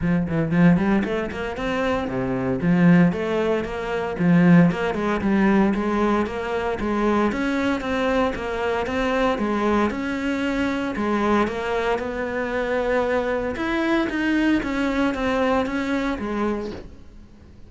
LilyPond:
\new Staff \with { instrumentName = "cello" } { \time 4/4 \tempo 4 = 115 f8 e8 f8 g8 a8 ais8 c'4 | c4 f4 a4 ais4 | f4 ais8 gis8 g4 gis4 | ais4 gis4 cis'4 c'4 |
ais4 c'4 gis4 cis'4~ | cis'4 gis4 ais4 b4~ | b2 e'4 dis'4 | cis'4 c'4 cis'4 gis4 | }